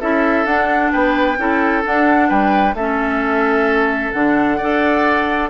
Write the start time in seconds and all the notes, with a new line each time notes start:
0.00 C#4 E4 A4 E5
0.45 D4 F#5
0.92 B3 B4 G5
1.38 C#4 E4 A4
1.83 D4 F#5
2.29 G3 B4 G5
2.74 A3 C#4 A4 E5
4.12 D3 D4 F#5
4.57 D4 A4 D5